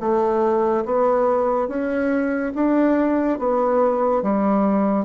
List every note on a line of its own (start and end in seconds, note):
0.00 0.85 A3
0.85 1.68 B3
1.68 2.52 C#4
2.55 3.39 D4
3.39 4.22 B3
4.22 5.05 G3